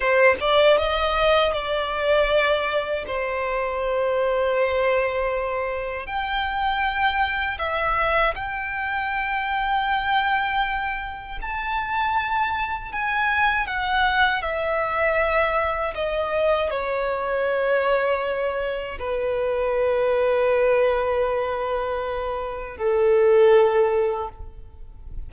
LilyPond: \new Staff \with { instrumentName = "violin" } { \time 4/4 \tempo 4 = 79 c''8 d''8 dis''4 d''2 | c''1 | g''2 e''4 g''4~ | g''2. a''4~ |
a''4 gis''4 fis''4 e''4~ | e''4 dis''4 cis''2~ | cis''4 b'2.~ | b'2 a'2 | }